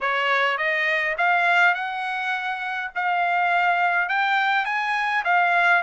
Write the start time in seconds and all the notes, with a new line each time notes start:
0.00 C#5
0.57 D#5
1.17 F5
1.74 F#5
2.95 F5
4.09 G5
4.65 G#5
5.24 F5